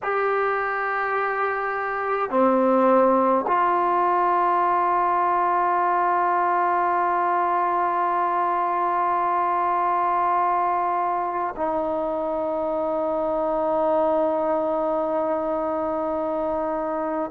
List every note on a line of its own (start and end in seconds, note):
0.03 2.30 G4
2.30 3.45 C4
3.47 11.54 F4
11.56 17.30 D#4